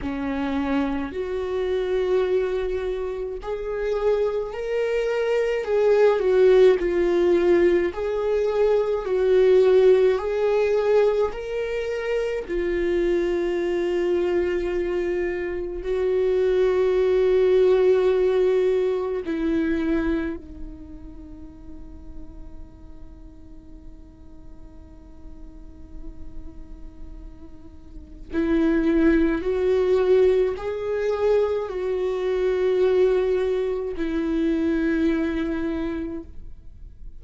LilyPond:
\new Staff \with { instrumentName = "viola" } { \time 4/4 \tempo 4 = 53 cis'4 fis'2 gis'4 | ais'4 gis'8 fis'8 f'4 gis'4 | fis'4 gis'4 ais'4 f'4~ | f'2 fis'2~ |
fis'4 e'4 dis'2~ | dis'1~ | dis'4 e'4 fis'4 gis'4 | fis'2 e'2 | }